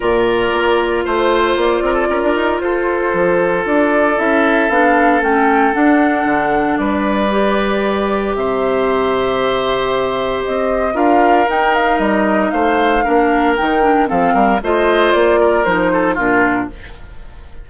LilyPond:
<<
  \new Staff \with { instrumentName = "flute" } { \time 4/4 \tempo 4 = 115 d''2 c''4 d''4~ | d''4 c''2 d''4 | e''4 f''4 g''4 fis''4~ | fis''4 d''2. |
e''1 | dis''4 f''4 g''8 f''8 dis''4 | f''2 g''4 f''4 | dis''4 d''4 c''4 ais'4 | }
  \new Staff \with { instrumentName = "oboe" } { \time 4/4 ais'2 c''4. ais'16 a'16 | ais'4 a'2.~ | a'1~ | a'4 b'2. |
c''1~ | c''4 ais'2. | c''4 ais'2 a'8 ais'8 | c''4. ais'4 a'8 f'4 | }
  \new Staff \with { instrumentName = "clarinet" } { \time 4/4 f'1~ | f'1 | e'4 d'4 cis'4 d'4~ | d'2 g'2~ |
g'1~ | g'4 f'4 dis'2~ | dis'4 d'4 dis'8 d'8 c'4 | f'2 dis'4 d'4 | }
  \new Staff \with { instrumentName = "bassoon" } { \time 4/4 ais,4 ais4 a4 ais8 c'8 | cis'16 d'16 dis'8 f'4 f4 d'4 | cis'4 b4 a4 d'4 | d4 g2. |
c1 | c'4 d'4 dis'4 g4 | a4 ais4 dis4 f8 g8 | a4 ais4 f4 ais,4 | }
>>